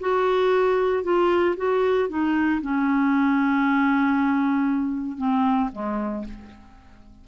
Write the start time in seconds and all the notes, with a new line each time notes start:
0.00 F#4
1.03 F4
1.57 F#4
2.09 D#4
2.62 C#4
5.17 C4
5.72 G#3